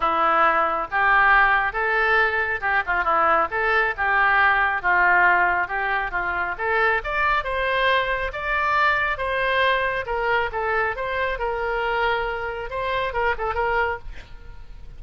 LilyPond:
\new Staff \with { instrumentName = "oboe" } { \time 4/4 \tempo 4 = 137 e'2 g'2 | a'2 g'8 f'8 e'4 | a'4 g'2 f'4~ | f'4 g'4 f'4 a'4 |
d''4 c''2 d''4~ | d''4 c''2 ais'4 | a'4 c''4 ais'2~ | ais'4 c''4 ais'8 a'8 ais'4 | }